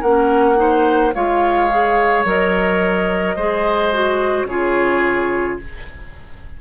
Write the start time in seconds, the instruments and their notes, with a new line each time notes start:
0.00 bassoon A#3, clarinet C#4, oboe A#4, flute F#5
0.55 clarinet D#4, oboe C5
1.14 bassoon G#3, clarinet F4, oboe C#5, flute F5
1.70 clarinet G#4
2.24 bassoon F#3, clarinet A#4, flute D#5
3.35 bassoon G#3, clarinet G#4, oboe C5
3.92 clarinet F#4
4.44 bassoon C#3, clarinet F4, oboe G#4, flute C#5